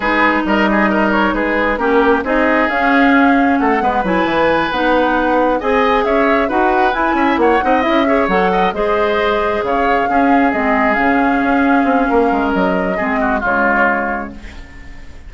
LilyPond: <<
  \new Staff \with { instrumentName = "flute" } { \time 4/4 \tempo 4 = 134 b'4 dis''4. cis''8 b'4 | ais'4 dis''4 f''2 | fis''4 gis''4. fis''4.~ | fis''8 gis''4 e''4 fis''4 gis''8~ |
gis''8 fis''4 e''4 fis''4 dis''8~ | dis''4. f''2 dis''8~ | dis''8 f''2.~ f''8 | dis''2 cis''2 | }
  \new Staff \with { instrumentName = "oboe" } { \time 4/4 gis'4 ais'8 gis'8 ais'4 gis'4 | g'4 gis'2. | a'8 b'2.~ b'8~ | b'8 dis''4 cis''4 b'4. |
e''8 cis''8 dis''4 cis''4 dis''8 c''8~ | c''4. cis''4 gis'4.~ | gis'2. ais'4~ | ais'4 gis'8 fis'8 f'2 | }
  \new Staff \with { instrumentName = "clarinet" } { \time 4/4 dis'1 | cis'4 dis'4 cis'2~ | cis'8 b8 e'4. dis'4.~ | dis'8 gis'2 fis'4 e'8~ |
e'4 dis'8 e'8 gis'8 a'4 gis'8~ | gis'2~ gis'8 cis'4 c'8~ | c'8 cis'2.~ cis'8~ | cis'4 c'4 gis2 | }
  \new Staff \with { instrumentName = "bassoon" } { \time 4/4 gis4 g2 gis4 | ais4 c'4 cis'2 | a8 gis8 fis8 e4 b4.~ | b8 c'4 cis'4 dis'4 e'8 |
cis'8 ais8 c'8 cis'4 fis4 gis8~ | gis4. cis4 cis'4 gis8~ | gis8 cis4 cis'4 c'8 ais8 gis8 | fis4 gis4 cis2 | }
>>